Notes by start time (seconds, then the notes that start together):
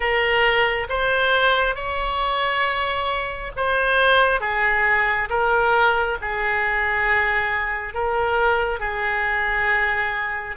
0.00 A#4
0.89 C5
1.75 C#5
3.56 C5
4.40 G#4
5.29 A#4
6.21 G#4
7.94 A#4
8.79 G#4